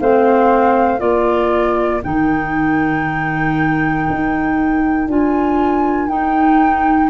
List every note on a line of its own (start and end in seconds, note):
0.00 1.01 A3
0.00 0.99 C4
0.00 1.01 C5
0.00 1.00 F5
0.99 2.02 A#3
0.99 2.01 F4
0.99 7.10 A#4
0.99 2.02 D5
2.04 4.09 D#3
2.04 5.09 D#4
2.04 5.09 G5
4.10 5.08 D#4
5.08 6.09 D4
5.08 6.09 F4
5.08 6.09 G#5
6.09 7.10 D#4
6.09 7.10 G5